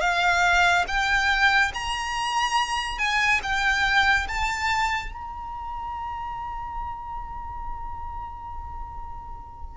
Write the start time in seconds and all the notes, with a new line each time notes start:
0.00 F5
0.87 G5
1.73 A#5
2.98 G#5
3.42 G5
4.28 A5
5.12 A#5